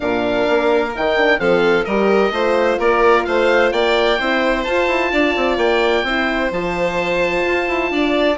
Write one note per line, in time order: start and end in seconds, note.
0.00 0.48 A#2
0.00 0.90 D4
0.00 1.40 A#4
0.00 0.92 F5
0.49 0.95 A#3
0.95 1.39 D#3
0.95 1.17 D#4
0.95 1.39 G5
1.17 1.38 D4
1.38 1.85 F3
1.38 1.85 C4
1.38 1.85 A4
1.38 1.84 F5
1.84 2.31 G3
1.84 2.33 G4
1.84 2.31 A#4
1.84 2.77 D#5
2.31 2.77 A3
2.31 4.19 F4
2.31 2.79 C5
2.78 3.25 A#3
2.78 3.25 A#4
2.78 3.24 D5
3.24 3.72 A3
3.24 3.73 C5
3.24 3.70 F5
3.71 4.18 A#3
3.71 4.18 D5
3.71 4.64 G5
4.18 4.66 C4
4.18 4.65 E4
4.18 5.11 C5
4.64 6.05 F4
4.64 4.87 F4
4.64 5.57 A5
4.87 5.10 E4
5.12 5.35 D4
5.12 6.05 D5
5.35 5.57 C4
5.57 6.03 A#3
5.57 6.51 G5
6.03 6.49 C4
6.03 6.52 E4
6.03 7.92 C5
6.51 7.44 F3
6.51 8.37 F4
6.51 8.37 A5
7.45 7.68 F4
7.68 7.90 E4
7.90 8.37 D4
7.90 8.37 D5